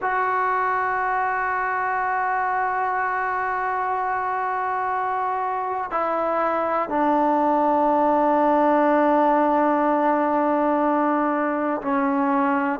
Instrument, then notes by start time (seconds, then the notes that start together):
trombone
0.01 F#4
5.90 E4
6.89 D4
11.81 C#4